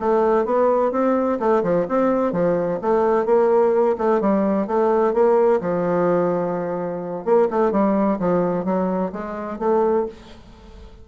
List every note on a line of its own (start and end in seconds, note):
0.00 0.46 A3
0.46 0.92 B3
0.92 1.39 C4
1.40 1.63 A3
1.63 1.87 F3
1.89 2.33 C4
2.33 2.80 F3
2.82 3.26 A3
3.26 3.96 A#3
3.98 4.21 A3
4.21 4.67 G3
4.67 5.14 A3
5.14 5.61 A#3
5.61 7.25 F3
7.25 7.49 A#3
7.51 7.72 A3
7.72 8.19 G3
8.20 8.65 F3
8.65 9.12 F#3
9.13 9.59 G#3
9.59 10.06 A3